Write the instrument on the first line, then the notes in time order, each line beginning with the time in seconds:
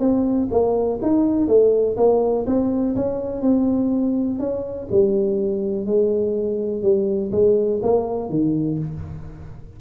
tuba
0.00 C4
0.51 A#3
1.02 D#4
1.48 A3
1.97 A#3
2.47 C4
2.96 C#4
3.42 C4
4.40 C#4
4.92 G3
5.86 G#3
6.83 G3
7.32 G#3
7.83 A#3
8.30 D#3